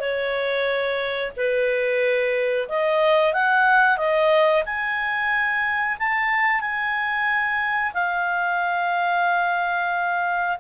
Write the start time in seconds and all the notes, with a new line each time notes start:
0.00 C#5
1.36 B4
2.69 D#5
3.34 F#5
3.97 D#5
4.66 G#5
5.99 A5
6.61 G#5
7.94 F5